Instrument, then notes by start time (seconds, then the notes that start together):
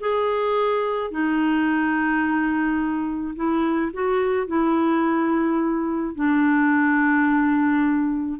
clarinet
0.00 G#4
1.10 D#4
3.35 E4
3.93 F#4
4.47 E4
6.15 D4